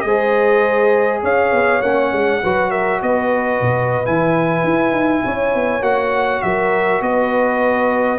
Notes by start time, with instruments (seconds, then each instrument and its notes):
0.00 tuba G#3, horn C5, trumpet D#5
0.06 trombone G#4
1.22 tuba C#4, horn C#5, trumpet F5
1.51 tuba B3
1.81 tuba A#3, trombone C#4, trumpet F#5
2.12 tuba G#3
2.42 tuba F#3, trombone F#4, horn B4
2.70 horn A#4, trumpet E5
3.01 tuba B3, horn B4, trumpet D#5
3.60 tuba B2
4.04 tuba E3, trombone E4, trumpet G#5
4.63 tuba E4
4.91 tuba D#4
5.24 tuba C#4, horn C#5
5.54 tuba B3
5.81 tuba A#3, trombone F#4, trumpet F#5
6.42 tuba F#3, horn A#4, trumpet E5
7.01 tuba B3, horn B4, trumpet D#5